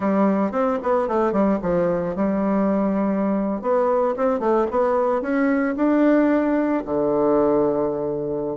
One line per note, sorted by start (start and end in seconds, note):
0.00 0.51 G3
0.51 0.78 C4
0.83 1.08 B3
1.08 1.32 A3
1.32 1.59 G3
1.62 2.15 F3
2.15 3.61 G3
3.61 4.15 B3
4.16 4.39 C4
4.39 4.66 A3
4.70 5.21 B3
5.21 5.75 C#4
5.76 6.83 D4
6.85 8.57 D3